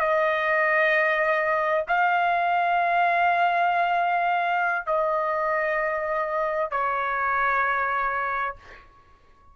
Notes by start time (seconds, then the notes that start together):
0.00 D#5
1.88 F5
4.87 D#5
6.71 C#5